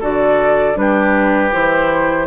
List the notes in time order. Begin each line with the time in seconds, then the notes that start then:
0.00 D3 F#4 A4 D5
0.74 G3 D4 B4
0.81 G4
1.52 E3 E4 C5